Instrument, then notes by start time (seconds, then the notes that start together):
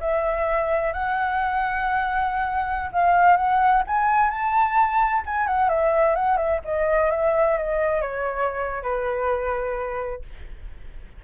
flute
0.00 E5
0.93 F#5
2.92 F5
3.36 F#5
3.87 G#5
4.30 A5
5.26 G#5
5.47 F#5
5.69 E5
6.15 F#5
6.37 E5
6.64 D#5
7.11 E5
7.57 D#5
8.01 C#5
8.82 B4